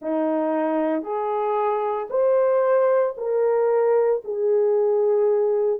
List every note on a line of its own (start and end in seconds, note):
0.01 1.02 D#4
1.02 2.08 G#4
2.10 3.15 C5
3.17 4.22 A#4
4.24 5.80 G#4